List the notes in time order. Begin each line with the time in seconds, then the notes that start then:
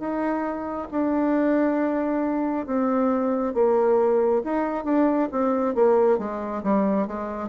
0.00 D#4
0.91 D4
2.67 C4
3.54 A#3
4.44 D#4
4.85 D4
5.32 C4
5.75 A#3
6.19 G#3
6.63 G3
7.07 G#3